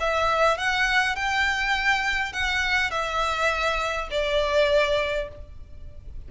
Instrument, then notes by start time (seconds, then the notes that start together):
violin
0.00 E5
0.58 F#5
1.16 G5
2.33 F#5
2.91 E5
4.11 D5